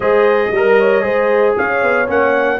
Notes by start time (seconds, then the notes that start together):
0.00 G#3 G#4 C5 D#5
0.51 G3 A#4
0.79 C#5
1.01 G#3 G#4 C5
1.57 C#4 C#5 F5
1.82 B3
2.06 A#3 C#4 F#5